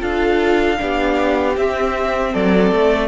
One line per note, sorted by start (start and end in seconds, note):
0.00 0.79 D4
0.00 0.77 F4
0.00 0.78 A4
0.00 1.56 F5
0.77 1.57 B3
0.77 1.54 D4
0.77 2.32 G4
1.56 3.08 C4
1.56 2.34 C4
1.56 2.34 E5
2.32 2.71 F#3
2.32 3.08 A4
2.32 3.08 D5
2.71 3.08 A3